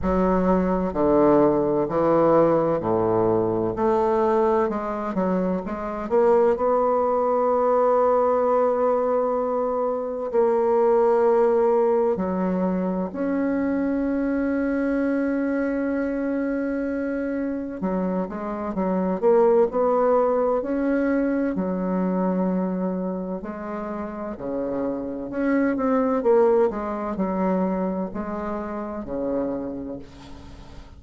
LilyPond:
\new Staff \with { instrumentName = "bassoon" } { \time 4/4 \tempo 4 = 64 fis4 d4 e4 a,4 | a4 gis8 fis8 gis8 ais8 b4~ | b2. ais4~ | ais4 fis4 cis'2~ |
cis'2. fis8 gis8 | fis8 ais8 b4 cis'4 fis4~ | fis4 gis4 cis4 cis'8 c'8 | ais8 gis8 fis4 gis4 cis4 | }